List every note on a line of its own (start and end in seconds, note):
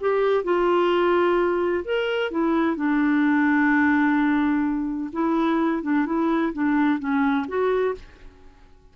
0.00 0.43 G4
0.43 1.84 F4
1.84 2.31 A#4
2.31 2.76 E4
2.76 5.10 D4
5.12 5.83 E4
5.83 6.06 D4
6.06 6.52 E4
6.53 6.99 D4
6.99 7.46 C#4
7.48 7.95 F#4